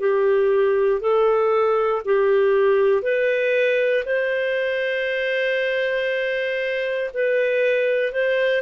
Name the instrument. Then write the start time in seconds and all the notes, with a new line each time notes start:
clarinet
0.00 G4
1.01 A4
2.05 G4
3.03 B4
4.06 C5
7.14 B4
8.13 C5